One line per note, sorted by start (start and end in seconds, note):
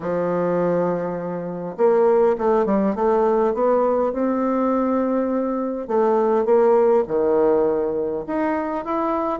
0.00 1.76 F3
1.77 2.36 A#3
2.37 2.65 A3
2.65 2.95 G3
2.95 3.53 A3
3.54 4.12 B3
4.12 5.87 C4
5.87 6.45 A3
6.45 7.03 A#3
7.07 8.25 D#3
8.26 8.84 D#4
8.84 9.39 E4